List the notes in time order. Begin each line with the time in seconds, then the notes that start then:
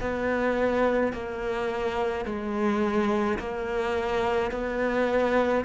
0.00 B3
1.13 A#3
2.25 G#3
3.39 A#3
4.51 B3